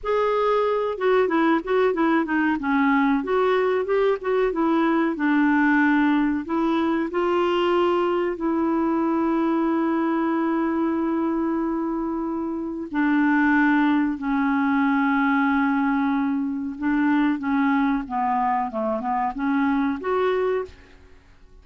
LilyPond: \new Staff \with { instrumentName = "clarinet" } { \time 4/4 \tempo 4 = 93 gis'4. fis'8 e'8 fis'8 e'8 dis'8 | cis'4 fis'4 g'8 fis'8 e'4 | d'2 e'4 f'4~ | f'4 e'2.~ |
e'1 | d'2 cis'2~ | cis'2 d'4 cis'4 | b4 a8 b8 cis'4 fis'4 | }